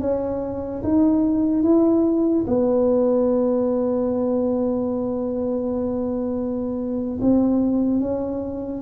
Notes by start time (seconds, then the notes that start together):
0.00 C#4
0.83 D#4
1.63 E4
2.47 B3
7.21 C4
8.00 C#4